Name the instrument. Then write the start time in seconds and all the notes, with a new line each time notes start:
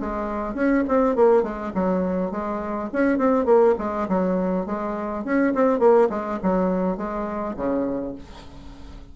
bassoon
0.00 G#3
0.54 C#4
0.88 C4
1.15 A#3
1.43 G#3
1.74 F#3
2.31 G#3
2.93 C#4
3.18 C4
3.45 A#3
3.78 G#3
4.08 F#3
4.66 G#3
5.24 C#4
5.54 C4
5.79 A#3
6.09 G#3
6.43 F#3
6.97 G#3
7.56 C#3